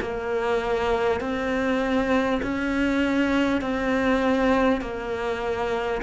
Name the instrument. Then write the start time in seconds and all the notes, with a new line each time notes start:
cello
0.00 A#3
1.20 C4
2.42 C#4
3.61 C4
4.81 A#3